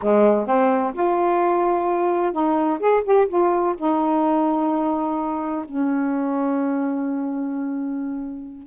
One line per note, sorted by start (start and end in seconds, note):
0.01 0.46 G#3
0.46 0.93 C4
0.93 2.32 F4
2.32 2.79 D#4
2.79 3.03 G#4
3.04 3.27 G4
3.28 3.75 F4
3.77 5.65 D#4
5.65 8.66 C#4